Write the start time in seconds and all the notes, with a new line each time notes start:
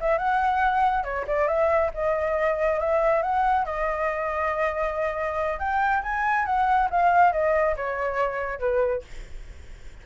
0.00 E5
0.17 F#5
1.03 C#5
1.27 D5
1.47 E5
1.94 D#5
2.79 E5
3.22 F#5
3.65 D#5
5.59 G5
6.03 G#5
6.45 F#5
6.90 F5
7.32 D#5
7.76 C#5
8.59 B4